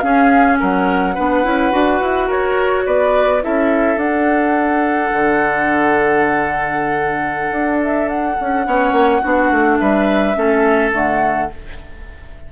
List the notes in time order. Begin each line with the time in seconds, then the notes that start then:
0.00 C#4 G#4 F5
0.60 F#3 A#4 F#5
1.15 B3 D4 B4
1.44 C#4 E4
1.72 D4 F#4
2.01 E4
2.28 F#4 A#4 C#5
2.86 B3 B4 D5
3.42 C#4 E4 A4 E5
3.97 D4 F#5
5.13 D3
7.52 D4
7.84 E5
8.09 F#5
8.41 C#4
8.65 B3 C#4 C#5
8.92 A#3
9.22 B3 D4 F#4
9.51 A3
9.79 G3 B4 E5
10.35 A3 C#4 A4
10.92 D3 A3 F#5